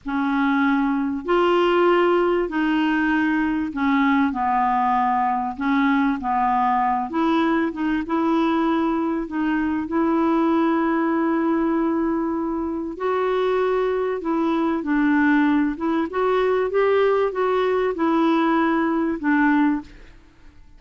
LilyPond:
\new Staff \with { instrumentName = "clarinet" } { \time 4/4 \tempo 4 = 97 cis'2 f'2 | dis'2 cis'4 b4~ | b4 cis'4 b4. e'8~ | e'8 dis'8 e'2 dis'4 |
e'1~ | e'4 fis'2 e'4 | d'4. e'8 fis'4 g'4 | fis'4 e'2 d'4 | }